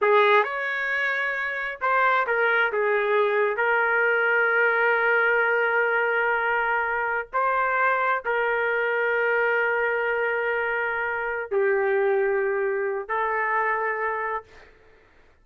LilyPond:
\new Staff \with { instrumentName = "trumpet" } { \time 4/4 \tempo 4 = 133 gis'4 cis''2. | c''4 ais'4 gis'2 | ais'1~ | ais'1~ |
ais'16 c''2 ais'4.~ ais'16~ | ais'1~ | ais'4. g'2~ g'8~ | g'4 a'2. | }